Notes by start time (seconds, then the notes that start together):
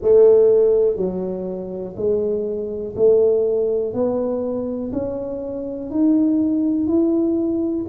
0.01 A3
0.96 F#3
1.96 G#3
2.96 A3
3.93 B3
4.92 C#4
5.90 D#4
6.87 E4